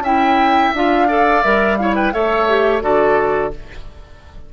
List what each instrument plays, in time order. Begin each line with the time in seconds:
0.00 bassoon C#4, clarinet E4, oboe E5, flute G5
0.74 bassoon D4, clarinet F4, flute F5
1.08 clarinet A4, oboe D5
1.43 bassoon G3, clarinet A#4, flute E5
1.77 clarinet E4, oboe C#5, flute F5
1.96 oboe B4, flute G5
2.13 bassoon A3, clarinet A4, oboe C#5, flute E5
2.49 clarinet G4
2.82 bassoon D3, clarinet F#4, oboe A4, flute D5